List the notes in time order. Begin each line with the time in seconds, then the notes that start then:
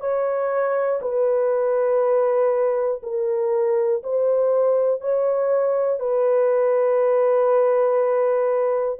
0.00 C#5
1.01 B4
3.02 A#4
4.03 C5
5.00 C#5
6.00 B4